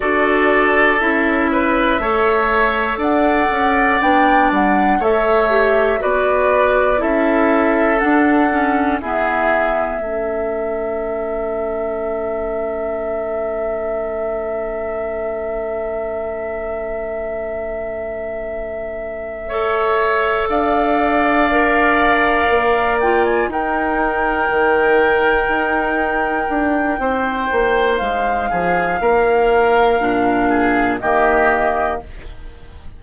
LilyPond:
<<
  \new Staff \with { instrumentName = "flute" } { \time 4/4 \tempo 4 = 60 d''4 e''2 fis''4 | g''8 fis''8 e''4 d''4 e''4 | fis''4 e''2.~ | e''1~ |
e''1~ | e''8 f''2~ f''8 g''16 gis''16 g''8~ | g''1 | f''2. dis''4 | }
  \new Staff \with { instrumentName = "oboe" } { \time 4/4 a'4. b'8 cis''4 d''4~ | d''4 cis''4 b'4 a'4~ | a'4 gis'4 a'2~ | a'1~ |
a'2.~ a'8 cis''8~ | cis''8 d''2. ais'8~ | ais'2. c''4~ | c''8 gis'8 ais'4. gis'8 g'4 | }
  \new Staff \with { instrumentName = "clarinet" } { \time 4/4 fis'4 e'4 a'2 | d'4 a'8 g'8 fis'4 e'4 | d'8 cis'8 b4 cis'2~ | cis'1~ |
cis'2.~ cis'8 a'8~ | a'4. ais'4. f'8 dis'8~ | dis'1~ | dis'2 d'4 ais4 | }
  \new Staff \with { instrumentName = "bassoon" } { \time 4/4 d'4 cis'4 a4 d'8 cis'8 | b8 g8 a4 b4 cis'4 | d'4 e'4 a2~ | a1~ |
a1~ | a8 d'2 ais4 dis'8~ | dis'8 dis4 dis'4 d'8 c'8 ais8 | gis8 f8 ais4 ais,4 dis4 | }
>>